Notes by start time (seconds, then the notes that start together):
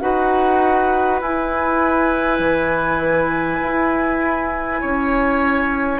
0.00 D#4 F#4 B4 F#5
1.21 E4 G#5
2.39 E3
3.62 E4
4.80 C#4 C#5